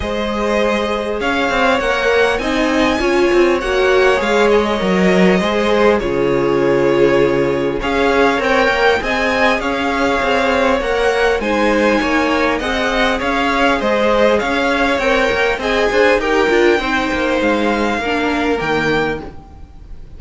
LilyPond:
<<
  \new Staff \with { instrumentName = "violin" } { \time 4/4 \tempo 4 = 100 dis''2 f''4 fis''4 | gis''2 fis''4 f''8 dis''8~ | dis''2 cis''2~ | cis''4 f''4 g''4 gis''4 |
f''2 fis''4 gis''4~ | gis''4 fis''4 f''4 dis''4 | f''4 g''4 gis''4 g''4~ | g''4 f''2 g''4 | }
  \new Staff \with { instrumentName = "violin" } { \time 4/4 c''2 cis''2 | dis''4 cis''2.~ | cis''4 c''4 gis'2~ | gis'4 cis''2 dis''4 |
cis''2. c''4 | cis''4 dis''4 cis''4 c''4 | cis''2 dis''8 c''8 ais'4 | c''2 ais'2 | }
  \new Staff \with { instrumentName = "viola" } { \time 4/4 gis'2. ais'4 | dis'4 f'4 fis'4 gis'4 | ais'4 gis'4 f'2~ | f'4 gis'4 ais'4 gis'4~ |
gis'2 ais'4 dis'4~ | dis'4 gis'2.~ | gis'4 ais'4 gis'4 g'8 f'8 | dis'2 d'4 ais4 | }
  \new Staff \with { instrumentName = "cello" } { \time 4/4 gis2 cis'8 c'8 ais4 | c'4 cis'8 c'8 ais4 gis4 | fis4 gis4 cis2~ | cis4 cis'4 c'8 ais8 c'4 |
cis'4 c'4 ais4 gis4 | ais4 c'4 cis'4 gis4 | cis'4 c'8 ais8 c'8 d'8 dis'8 d'8 | c'8 ais8 gis4 ais4 dis4 | }
>>